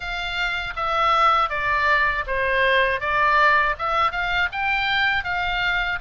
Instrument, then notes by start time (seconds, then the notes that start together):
oboe
0.00 F5
0.76 E5
1.49 D5
2.26 C5
3.00 D5
3.78 E5
4.11 F5
4.52 G5
5.24 F5